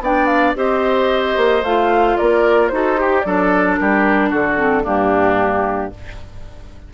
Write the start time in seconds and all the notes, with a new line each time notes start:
0.00 B3 D4 D5 G5
0.26 F5
0.55 C4 G4 C5 D#5
1.36 A#3
1.62 A3 F4 F5
2.17 A#3 A#4 D5
2.68 D#4 F#4 C5
2.74 A4
2.96 G4
3.20 F#3 D4 A4 D5
3.77 G3 G4 A#4
4.29 D3 F#4 A4
4.56 C4
4.83 G2 A#3 D4 G4